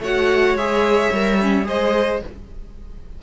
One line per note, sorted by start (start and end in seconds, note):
0.00 0.55 A3
0.00 0.59 F#4
0.00 1.68 C#5
0.00 0.57 F#5
0.55 1.10 G#3
0.55 1.14 G#4
0.55 1.68 E5
1.12 1.67 G3
1.12 1.41 A#4
1.41 1.64 C#4
1.64 2.22 G#3
1.64 2.19 G#4
1.64 2.23 C5
1.64 2.23 D#5